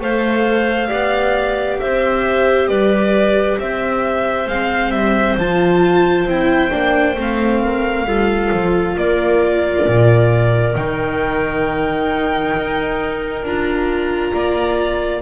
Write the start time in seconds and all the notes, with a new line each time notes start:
0.00 A3 A4 C5 F5
0.87 B3 G4 D5
1.79 C4 C5 E5
2.68 G3 B4 D5
3.59 C4 C5 E5
4.47 G#3 C4 F5
4.90 G3 E5
5.37 F3 F4 A5
6.26 C4 E4 G5
6.71 A#3 D4
7.15 A3 C4 F5
7.62 A#4
8.04 G3 F4 A4
8.52 F3
8.96 A#3 A#4 D5
9.87 A#2
10.74 D#3 D#4 G5
12.56 D#4
13.42 D4 F4 A#5
14.33 A#3 D5